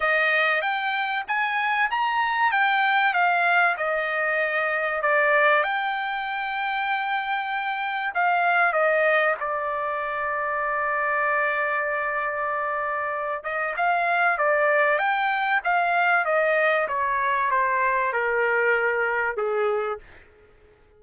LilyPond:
\new Staff \with { instrumentName = "trumpet" } { \time 4/4 \tempo 4 = 96 dis''4 g''4 gis''4 ais''4 | g''4 f''4 dis''2 | d''4 g''2.~ | g''4 f''4 dis''4 d''4~ |
d''1~ | d''4. dis''8 f''4 d''4 | g''4 f''4 dis''4 cis''4 | c''4 ais'2 gis'4 | }